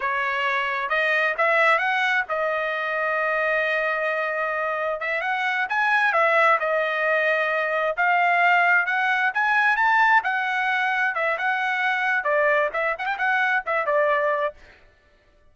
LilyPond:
\new Staff \with { instrumentName = "trumpet" } { \time 4/4 \tempo 4 = 132 cis''2 dis''4 e''4 | fis''4 dis''2.~ | dis''2. e''8 fis''8~ | fis''8 gis''4 e''4 dis''4.~ |
dis''4. f''2 fis''8~ | fis''8 gis''4 a''4 fis''4.~ | fis''8 e''8 fis''2 d''4 | e''8 fis''16 g''16 fis''4 e''8 d''4. | }